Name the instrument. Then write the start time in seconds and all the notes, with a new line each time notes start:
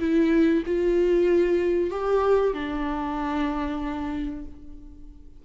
viola
0.00 E4
0.66 F4
1.91 G4
2.54 D4